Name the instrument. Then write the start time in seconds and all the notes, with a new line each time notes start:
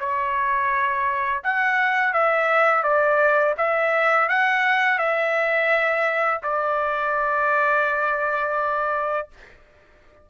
trumpet
0.00 C#5
1.44 F#5
2.14 E5
2.84 D5
3.58 E5
4.29 F#5
4.99 E5
6.43 D5